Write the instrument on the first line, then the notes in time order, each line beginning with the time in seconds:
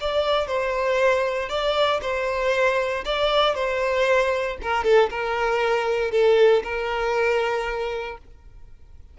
violin
0.00 D5
0.47 C5
1.49 D5
2.01 C5
3.04 D5
3.54 C5
4.62 A#4
4.83 A4
5.10 A#4
6.11 A4
6.63 A#4